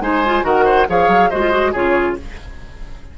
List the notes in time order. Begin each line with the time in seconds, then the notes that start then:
0.00 G#3 D#4 C5 G#5
0.26 F4
0.43 D#3 F#4 A#4 F#5
0.65 C5
0.88 F3 G#4 C#5 F5
1.08 F#3
1.30 G#3 F#4 C5 D#5
1.41 F4
1.51 F#4
1.71 C#3 F4 G#4 C#5